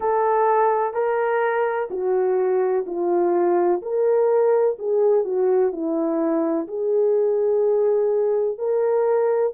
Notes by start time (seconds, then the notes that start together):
0.00 A4
0.93 A#4
1.90 F#4
2.86 F4
3.82 A#4
4.78 G#4
5.24 F#4
5.71 E4
6.67 G#4
8.58 A#4